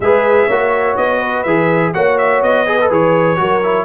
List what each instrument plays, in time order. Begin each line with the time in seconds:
0.00 tuba G#3, trombone G#4, horn B4, trumpet E5
0.46 tuba A#3, trombone F#4, horn C#5
0.97 tuba B3, trumpet D#5
1.19 horn B4
1.43 tuba E3, trombone G#4, trumpet E5
1.93 tuba A#3, trombone F#4, horn C#5, trumpet F#5
2.18 trumpet E5
2.42 tuba B3, trumpet D#5
2.65 trombone G#4, horn B4
2.80 trombone A4
2.90 tuba E3, trombone G#4, trumpet C#5
3.36 tuba F#3, trombone F#4, horn A#4
3.63 trombone E4